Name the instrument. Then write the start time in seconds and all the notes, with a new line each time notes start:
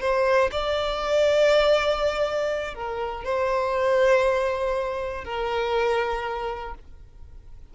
violin
0.00 C5
0.52 D5
2.74 A#4
3.24 C5
5.24 A#4